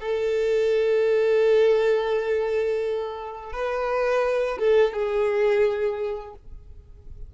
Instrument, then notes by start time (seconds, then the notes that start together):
violin
0.00 A4
3.52 B4
4.59 A4
4.93 G#4